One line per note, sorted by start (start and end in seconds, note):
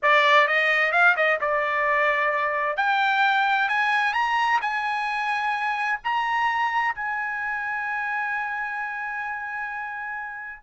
0.02 0.47 D5
0.47 0.92 D#5
0.92 1.15 F5
1.16 1.39 D#5
1.40 2.76 D5
2.76 3.68 G5
3.68 4.13 G#5
4.13 4.59 A#5
4.61 5.99 G#5
6.04 6.94 A#5
6.94 10.62 G#5